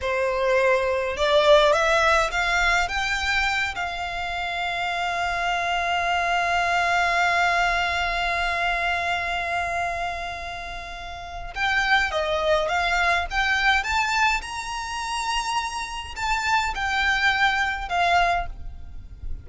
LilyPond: \new Staff \with { instrumentName = "violin" } { \time 4/4 \tempo 4 = 104 c''2 d''4 e''4 | f''4 g''4. f''4.~ | f''1~ | f''1~ |
f''1 | g''4 dis''4 f''4 g''4 | a''4 ais''2. | a''4 g''2 f''4 | }